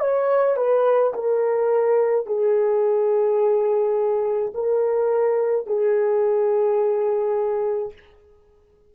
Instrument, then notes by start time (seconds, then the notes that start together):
horn
0.00 C#5
0.57 B4
1.14 A#4
2.26 G#4
4.54 A#4
5.67 G#4